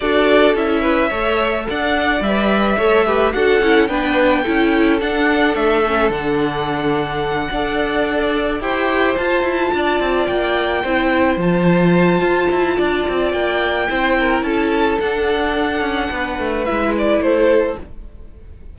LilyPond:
<<
  \new Staff \with { instrumentName = "violin" } { \time 4/4 \tempo 4 = 108 d''4 e''2 fis''4 | e''2 fis''4 g''4~ | g''4 fis''4 e''4 fis''4~ | fis''2.~ fis''8 g''8~ |
g''8 a''2 g''4.~ | g''8 a''2.~ a''8 | g''2 a''4 fis''4~ | fis''2 e''8 d''8 c''4 | }
  \new Staff \with { instrumentName = "violin" } { \time 4/4 a'4. b'8 cis''4 d''4~ | d''4 cis''8 b'8 a'4 b'4 | a'1~ | a'4. d''2 c''8~ |
c''4. d''2 c''8~ | c''2. d''4~ | d''4 c''8 ais'8 a'2~ | a'4 b'2 a'4 | }
  \new Staff \with { instrumentName = "viola" } { \time 4/4 fis'4 e'4 a'2 | b'4 a'8 g'8 fis'8 e'8 d'4 | e'4 d'4. cis'8 d'4~ | d'4. a'2 g'8~ |
g'8 f'2. e'8~ | e'8 f'2.~ f'8~ | f'4 e'2 d'4~ | d'2 e'2 | }
  \new Staff \with { instrumentName = "cello" } { \time 4/4 d'4 cis'4 a4 d'4 | g4 a4 d'8 cis'8 b4 | cis'4 d'4 a4 d4~ | d4. d'2 e'8~ |
e'8 f'8 e'8 d'8 c'8 ais4 c'8~ | c'8 f4. f'8 e'8 d'8 c'8 | ais4 c'4 cis'4 d'4~ | d'8 cis'8 b8 a8 gis4 a4 | }
>>